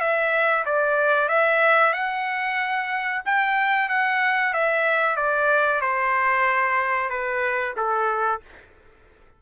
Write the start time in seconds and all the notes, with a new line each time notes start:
0.00 E5
0.66 D5
1.28 E5
1.93 F#5
3.26 G5
3.89 F#5
4.53 E5
5.16 D5
5.81 C5
7.10 B4
7.77 A4